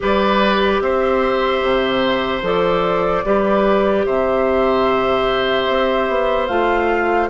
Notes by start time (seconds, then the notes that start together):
0.00 G3 G4 B4 D5
0.80 C4 C5 E5
1.62 C3
2.42 F3 A4 D5
3.24 G3 G4 B4
4.05 C3 C5 E5
5.68 C4
6.08 B3
6.47 A3 F4 F5